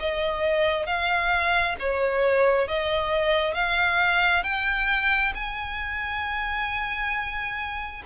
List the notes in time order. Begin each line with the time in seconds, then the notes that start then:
0.00 D#5
0.87 F5
1.80 C#5
2.68 D#5
3.55 F5
4.44 G5
5.35 G#5